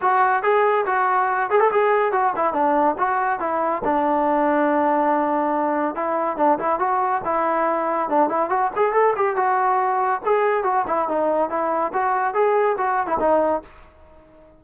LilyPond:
\new Staff \with { instrumentName = "trombone" } { \time 4/4 \tempo 4 = 141 fis'4 gis'4 fis'4. gis'16 a'16 | gis'4 fis'8 e'8 d'4 fis'4 | e'4 d'2.~ | d'2 e'4 d'8 e'8 |
fis'4 e'2 d'8 e'8 | fis'8 gis'8 a'8 g'8 fis'2 | gis'4 fis'8 e'8 dis'4 e'4 | fis'4 gis'4 fis'8. e'16 dis'4 | }